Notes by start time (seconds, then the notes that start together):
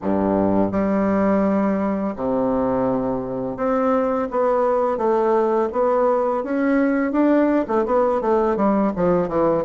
0.02 G2
0.71 G3
2.16 C3
3.56 C4
4.30 B3
4.97 A3
5.72 B3
6.43 C#4
7.12 D4
7.67 A3
7.85 B3
8.21 A3
8.56 G3
8.95 F3
9.28 E3